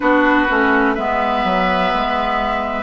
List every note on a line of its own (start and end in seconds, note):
0.00 0.49 B3
0.00 0.47 D4
0.00 0.94 F#4
0.00 0.94 B4
0.48 0.97 A3
0.48 0.96 C#4
0.94 1.44 G#3
0.94 2.83 B3
0.94 2.83 B4
0.94 2.83 E5
1.44 1.91 F#3
1.94 2.83 G#3